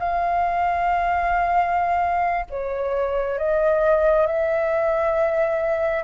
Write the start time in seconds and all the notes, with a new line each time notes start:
0.00 F5
2.50 C#5
3.39 D#5
4.27 E5